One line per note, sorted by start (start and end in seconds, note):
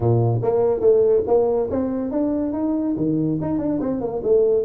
0.00 0.40 A#2
0.42 0.80 A#3
0.80 1.22 A3
1.27 1.69 A#3
1.70 2.11 C4
2.11 2.52 D4
2.52 2.95 D#4
2.96 3.38 D#3
3.41 3.58 D#4
3.58 3.79 D4
3.80 4.00 C4
4.00 4.21 A#3
4.23 4.64 A3